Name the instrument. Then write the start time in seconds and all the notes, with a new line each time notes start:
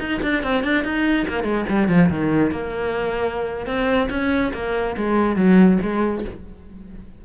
cello
0.00 D#4
0.23 D4
0.44 C4
0.64 D4
0.84 D#4
1.28 A#3
1.44 G#3
1.69 G3
1.89 F3
2.10 D#3
2.52 A#3
3.67 C4
4.10 C#4
4.54 A#3
4.97 G#3
5.36 F#3
5.83 G#3